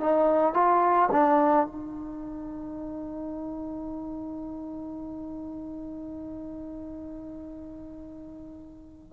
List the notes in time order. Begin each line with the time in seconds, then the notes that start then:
0.00 D#4
0.54 F4
1.12 D4
1.66 D#4